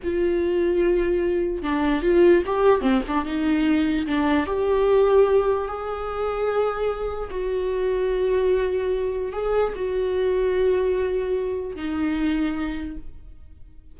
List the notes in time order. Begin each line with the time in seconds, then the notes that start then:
0.03 F4
1.62 D4
2.02 F4
2.45 G4
2.81 C4
3.07 D4
3.25 D#4
4.07 D4
4.46 G4
5.67 G#4
7.30 F#4
9.32 G#4
9.75 F#4
11.75 D#4